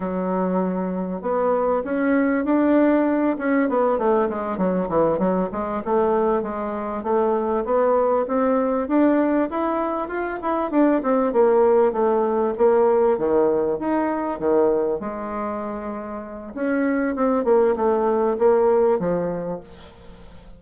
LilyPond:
\new Staff \with { instrumentName = "bassoon" } { \time 4/4 \tempo 4 = 98 fis2 b4 cis'4 | d'4. cis'8 b8 a8 gis8 fis8 | e8 fis8 gis8 a4 gis4 a8~ | a8 b4 c'4 d'4 e'8~ |
e'8 f'8 e'8 d'8 c'8 ais4 a8~ | a8 ais4 dis4 dis'4 dis8~ | dis8 gis2~ gis8 cis'4 | c'8 ais8 a4 ais4 f4 | }